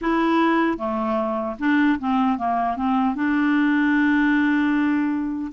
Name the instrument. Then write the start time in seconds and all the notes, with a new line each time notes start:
clarinet
0.01 E4
0.77 A3
1.59 D4
1.99 C4
2.38 A#3
2.76 C4
3.15 D4